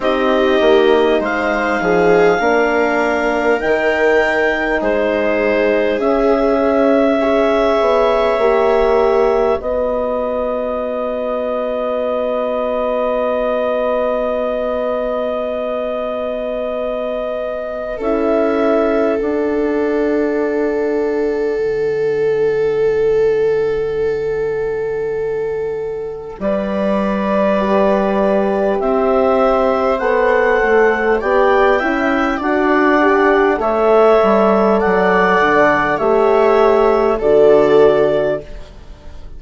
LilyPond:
<<
  \new Staff \with { instrumentName = "clarinet" } { \time 4/4 \tempo 4 = 50 dis''4 f''2 g''4 | c''4 e''2. | dis''1~ | dis''2. e''4 |
fis''1~ | fis''2 d''2 | e''4 fis''4 g''4 fis''4 | e''4 fis''4 e''4 d''4 | }
  \new Staff \with { instrumentName = "viola" } { \time 4/4 g'4 c''8 gis'8 ais'2 | gis'2 cis''2 | b'1~ | b'2. a'4~ |
a'1~ | a'2 b'2 | c''2 d''8 e''8 d''4 | cis''4 d''4 cis''4 a'4 | }
  \new Staff \with { instrumentName = "horn" } { \time 4/4 dis'2 d'4 dis'4~ | dis'4 cis'4 gis'4 g'4 | fis'1~ | fis'2. e'4 |
d'1~ | d'2. g'4~ | g'4 a'4 g'8 e'8 fis'8 g'8 | a'2 g'4 fis'4 | }
  \new Staff \with { instrumentName = "bassoon" } { \time 4/4 c'8 ais8 gis8 f8 ais4 dis4 | gis4 cis'4. b8 ais4 | b1~ | b2. cis'4 |
d'2 d2~ | d2 g2 | c'4 b8 a8 b8 cis'8 d'4 | a8 g8 fis8 d8 a4 d4 | }
>>